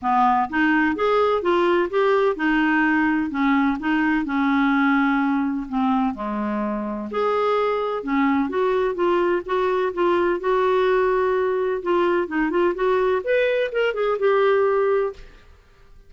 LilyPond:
\new Staff \with { instrumentName = "clarinet" } { \time 4/4 \tempo 4 = 127 b4 dis'4 gis'4 f'4 | g'4 dis'2 cis'4 | dis'4 cis'2. | c'4 gis2 gis'4~ |
gis'4 cis'4 fis'4 f'4 | fis'4 f'4 fis'2~ | fis'4 f'4 dis'8 f'8 fis'4 | b'4 ais'8 gis'8 g'2 | }